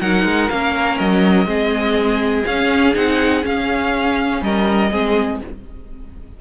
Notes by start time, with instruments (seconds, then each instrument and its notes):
0.00 cello F#3, viola D#4, violin A#4 F#5
0.25 cello G#3
0.50 cello A#3, viola C#4, violin F5
0.99 cello F#3, violin D#5
1.46 cello G#3, viola C4, violin G#4
2.46 cello C#4, viola C#4, violin F5
2.94 cello C4, viola D#4, violin F#5
3.43 viola C#4, cello C#4, violin F5
4.42 cello G3, violin A#4 D#5
4.92 cello G#3, viola C4, violin G#4